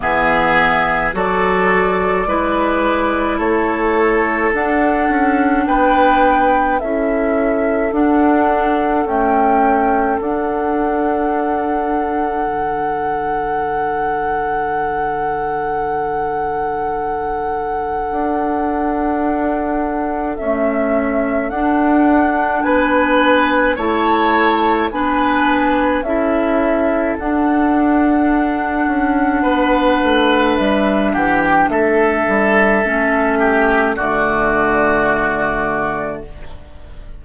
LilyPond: <<
  \new Staff \with { instrumentName = "flute" } { \time 4/4 \tempo 4 = 53 e''4 d''2 cis''4 | fis''4 g''4 e''4 fis''4 | g''4 fis''2.~ | fis''1~ |
fis''2 e''4 fis''4 | gis''4 a''4 gis''4 e''4 | fis''2. e''8 fis''16 g''16 | e''2 d''2 | }
  \new Staff \with { instrumentName = "oboe" } { \time 4/4 gis'4 a'4 b'4 a'4~ | a'4 b'4 a'2~ | a'1~ | a'1~ |
a'1 | b'4 cis''4 b'4 a'4~ | a'2 b'4. g'8 | a'4. g'8 fis'2 | }
  \new Staff \with { instrumentName = "clarinet" } { \time 4/4 b4 fis'4 e'2 | d'2 e'4 d'4 | a4 d'2.~ | d'1~ |
d'2 a4 d'4~ | d'4 e'4 d'4 e'4 | d'1~ | d'4 cis'4 a2 | }
  \new Staff \with { instrumentName = "bassoon" } { \time 4/4 e4 fis4 gis4 a4 | d'8 cis'8 b4 cis'4 d'4 | cis'4 d'2 d4~ | d1 |
d'2 cis'4 d'4 | b4 a4 b4 cis'4 | d'4. cis'8 b8 a8 g8 e8 | a8 g8 a4 d2 | }
>>